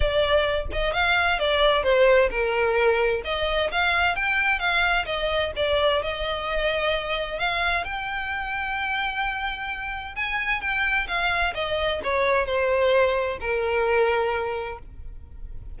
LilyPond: \new Staff \with { instrumentName = "violin" } { \time 4/4 \tempo 4 = 130 d''4. dis''8 f''4 d''4 | c''4 ais'2 dis''4 | f''4 g''4 f''4 dis''4 | d''4 dis''2. |
f''4 g''2.~ | g''2 gis''4 g''4 | f''4 dis''4 cis''4 c''4~ | c''4 ais'2. | }